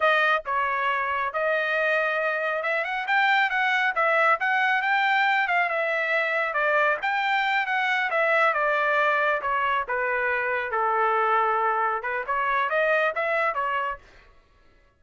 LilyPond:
\new Staff \with { instrumentName = "trumpet" } { \time 4/4 \tempo 4 = 137 dis''4 cis''2 dis''4~ | dis''2 e''8 fis''8 g''4 | fis''4 e''4 fis''4 g''4~ | g''8 f''8 e''2 d''4 |
g''4. fis''4 e''4 d''8~ | d''4. cis''4 b'4.~ | b'8 a'2. b'8 | cis''4 dis''4 e''4 cis''4 | }